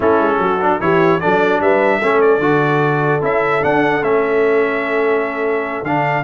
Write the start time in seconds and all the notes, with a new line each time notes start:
0.00 A3 C#4 E4 A4
0.19 G#3
0.37 F#3 F#4
0.61 D4
0.80 E3 E4 G4 C#5
1.20 F#3 D4 A4 D5
1.61 G3 B4 E5
1.99 A3 C#4 A4
2.21 D5
2.38 D3 F#4
3.21 C#4 E4 E5
3.61 D4 F#5
4.02 A3 C#4 E5
5.83 D3 D4 F5